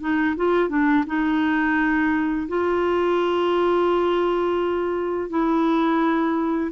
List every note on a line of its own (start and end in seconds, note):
0.00 0.35 D#4
0.36 0.69 F4
0.69 1.04 D4
1.06 2.47 D#4
2.48 5.29 F4
5.29 6.71 E4